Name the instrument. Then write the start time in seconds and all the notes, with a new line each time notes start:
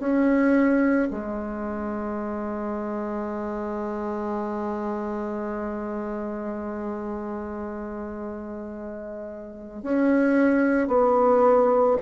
bassoon
0.00 C#4
1.11 G#3
9.83 C#4
10.88 B3